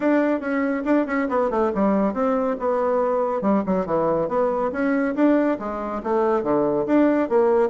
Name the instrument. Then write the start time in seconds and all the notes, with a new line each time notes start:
bassoon
0.00 D4
0.40 C#4
0.85 D4
1.06 C#4
1.29 B3
1.50 A3
1.74 G3
2.13 C4
2.59 B3
3.41 G3
3.66 F#3
3.86 E3
4.28 B3
4.71 C#4
5.15 D4
5.59 G#3
6.03 A3
6.43 D3
6.86 D4
7.29 A#3